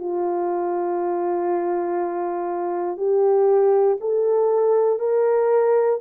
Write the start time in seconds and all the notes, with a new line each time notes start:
0.00 F4
2.98 G4
4.01 A4
5.00 A#4